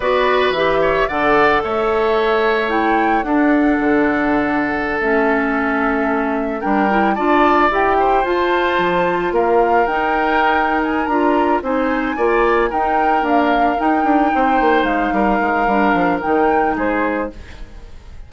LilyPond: <<
  \new Staff \with { instrumentName = "flute" } { \time 4/4 \tempo 4 = 111 d''4 e''4 fis''4 e''4~ | e''4 g''4 fis''2~ | fis''4~ fis''16 e''2~ e''8.~ | e''16 g''4 a''4 g''4 a''8.~ |
a''4~ a''16 f''4 g''4.~ g''16 | gis''8 ais''4 gis''2 g''8~ | g''8 f''4 g''2 f''8~ | f''2 g''4 c''4 | }
  \new Staff \with { instrumentName = "oboe" } { \time 4/4 b'4. cis''8 d''4 cis''4~ | cis''2 a'2~ | a'1~ | a'16 ais'4 d''4. c''4~ c''16~ |
c''4~ c''16 ais'2~ ais'8.~ | ais'4. c''4 d''4 ais'8~ | ais'2~ ais'8 c''4. | ais'2. gis'4 | }
  \new Staff \with { instrumentName = "clarinet" } { \time 4/4 fis'4 g'4 a'2~ | a'4 e'4 d'2~ | d'4~ d'16 cis'2~ cis'8.~ | cis'16 d'8 e'8 f'4 g'4 f'8.~ |
f'2~ f'16 dis'4.~ dis'16~ | dis'8 f'4 dis'4 f'4 dis'8~ | dis'8 ais4 dis'2~ dis'8~ | dis'4 d'4 dis'2 | }
  \new Staff \with { instrumentName = "bassoon" } { \time 4/4 b4 e4 d4 a4~ | a2 d'4 d4~ | d4~ d16 a2~ a8.~ | a16 g4 d'4 e'4 f'8.~ |
f'16 f4 ais4 dis'4.~ dis'16~ | dis'8 d'4 c'4 ais4 dis'8~ | dis'8 d'4 dis'8 d'8 c'8 ais8 gis8 | g8 gis8 g8 f8 dis4 gis4 | }
>>